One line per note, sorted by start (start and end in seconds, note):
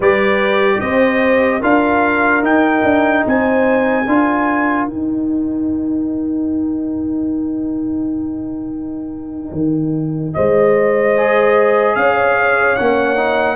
0.00 0.80 G3
0.00 1.61 G4
0.00 0.78 B4
0.00 0.80 D5
0.80 1.62 C4
0.80 1.60 C5
0.80 1.61 D#5
1.60 2.42 D4
1.60 2.42 F4
1.60 3.22 A#4
1.60 2.44 F5
2.42 2.82 D#4
2.42 4.05 D#4
2.42 3.26 G5
2.83 3.24 D4
3.26 4.07 C4
3.26 4.07 C5
3.26 4.88 G#5
4.07 4.87 D4
4.07 4.88 F4
4.07 10.35 A#4
4.87 9.52 D#4
4.87 11.16 D#4
4.87 10.33 G5
9.52 10.33 D#3
10.33 11.95 G#3
10.33 11.97 C5
10.33 11.95 D#5
11.16 12.78 G#4
11.95 12.77 C#4
11.95 13.56 C#5
11.95 12.75 F5
12.75 13.56 A#3
12.75 13.16 C#4
12.75 13.56 F#5
13.16 13.56 D#4